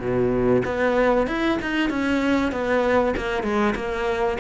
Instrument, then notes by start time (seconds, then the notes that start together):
cello
0.00 B2
0.65 B3
1.27 E4
1.62 D#4
1.90 C#4
2.52 B3
3.16 A#3
3.43 G#3
3.75 A#3